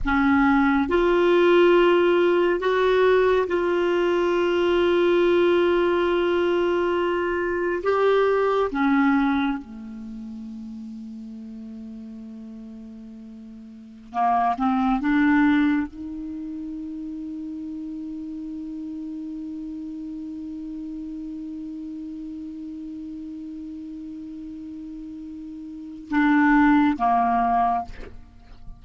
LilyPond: \new Staff \with { instrumentName = "clarinet" } { \time 4/4 \tempo 4 = 69 cis'4 f'2 fis'4 | f'1~ | f'4 g'4 cis'4 a4~ | a1~ |
a16 ais8 c'8 d'4 dis'4.~ dis'16~ | dis'1~ | dis'1~ | dis'2 d'4 ais4 | }